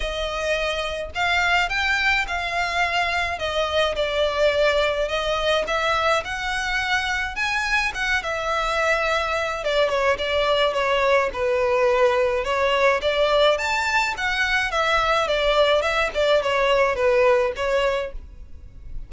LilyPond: \new Staff \with { instrumentName = "violin" } { \time 4/4 \tempo 4 = 106 dis''2 f''4 g''4 | f''2 dis''4 d''4~ | d''4 dis''4 e''4 fis''4~ | fis''4 gis''4 fis''8 e''4.~ |
e''4 d''8 cis''8 d''4 cis''4 | b'2 cis''4 d''4 | a''4 fis''4 e''4 d''4 | e''8 d''8 cis''4 b'4 cis''4 | }